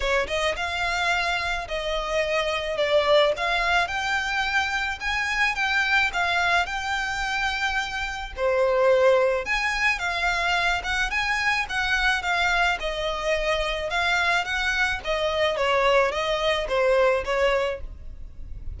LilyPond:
\new Staff \with { instrumentName = "violin" } { \time 4/4 \tempo 4 = 108 cis''8 dis''8 f''2 dis''4~ | dis''4 d''4 f''4 g''4~ | g''4 gis''4 g''4 f''4 | g''2. c''4~ |
c''4 gis''4 f''4. fis''8 | gis''4 fis''4 f''4 dis''4~ | dis''4 f''4 fis''4 dis''4 | cis''4 dis''4 c''4 cis''4 | }